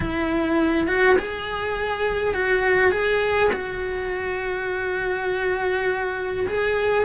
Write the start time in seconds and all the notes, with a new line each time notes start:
0.00 E4
0.87 F#4
1.18 G#4
2.34 F#4
2.91 G#4
3.52 F#4
6.48 G#4